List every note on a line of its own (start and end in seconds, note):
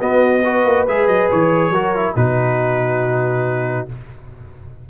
0.00 0.43 B3
0.00 0.65 B3
0.00 0.43 F#4
0.00 0.87 D#5
0.44 0.88 F#4
0.44 1.72 B4
0.65 0.87 A#3
0.87 1.07 G#3
0.87 1.74 G#4
0.87 1.07 E5
1.07 1.29 F#3
1.07 1.29 D#5
1.31 1.70 E3
1.31 2.16 C#5
1.70 2.13 F#3
1.70 1.95 F#4
1.70 2.15 A#4
1.95 2.16 E4
2.16 3.88 B2
2.16 3.89 D#4
2.16 3.89 F#4
2.16 3.88 B4